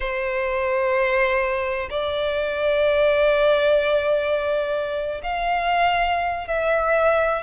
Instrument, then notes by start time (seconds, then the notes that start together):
violin
0.00 C5
1.89 D5
5.22 F5
6.47 E5